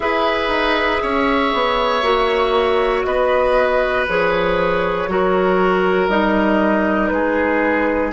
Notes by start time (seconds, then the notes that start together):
0.00 E4 G#4 B4 E5
0.48 D#4
1.02 C#4 C#5
1.53 B3
2.02 A#3 F#4
3.03 B3 B4 D#5
4.08 F3 G#4 C#5
5.08 F#3 F#4 A#4
6.07 G3 D#4 D#5
7.08 G#3 G#4 B4